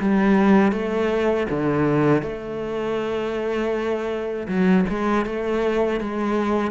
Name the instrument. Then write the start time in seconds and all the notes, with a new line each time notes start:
cello
0.00 G3
0.72 A3
1.50 D3
2.22 A3
4.48 F#3
4.89 G#3
5.26 A3
6.00 G#3